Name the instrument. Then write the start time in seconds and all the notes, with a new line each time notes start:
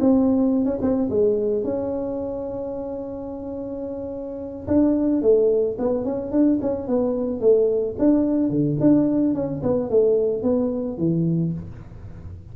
tuba
0.00 C4
0.65 C#4
0.81 C4
1.10 G#3
1.64 C#4
4.67 D4
5.22 A3
5.78 B3
6.05 C#4
6.31 D4
6.61 C#4
6.87 B3
7.40 A3
7.99 D4
8.50 D3
8.80 D4
9.34 C#4
9.63 B3
9.90 A3
10.43 B3
10.97 E3